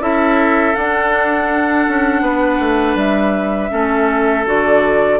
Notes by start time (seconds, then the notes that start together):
0.00 C#4 E4 A4 E5
0.75 D4 F#5
1.88 C#4
2.22 B3 B4
2.59 A3
2.95 G3 E5
3.70 A3 C#4 A4
4.46 D3 F#4 D5